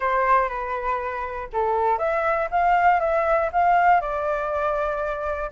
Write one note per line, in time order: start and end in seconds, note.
0.00 0.48 C5
0.48 1.48 B4
1.52 1.98 A4
1.98 2.48 E5
2.50 3.00 F5
3.00 3.50 E5
3.52 4.00 F5
4.00 5.50 D5